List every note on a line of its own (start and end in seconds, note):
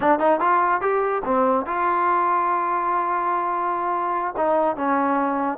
0.00 0.19 D4
0.19 0.40 D#4
0.40 0.81 F4
0.81 1.22 G4
1.24 1.66 C4
1.66 4.34 F4
4.37 4.76 D#4
4.76 5.58 C#4